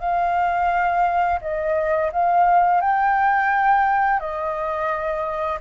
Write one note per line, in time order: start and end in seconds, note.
0.00 1.40 F5
1.41 2.11 D#5
2.12 2.81 F5
2.81 4.20 G5
4.20 5.59 D#5